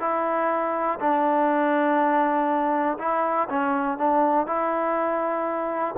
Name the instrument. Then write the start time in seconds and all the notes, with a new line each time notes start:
trombone
0.00 E4
1.00 D4
2.99 E4
3.50 C#4
3.98 D4
4.47 E4